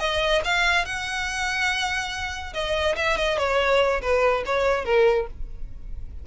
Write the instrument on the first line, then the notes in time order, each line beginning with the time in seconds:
violin
0.00 D#5
0.45 F5
0.86 F#5
2.54 D#5
2.96 E5
3.18 D#5
3.39 C#5
4.02 B4
4.46 C#5
4.85 A#4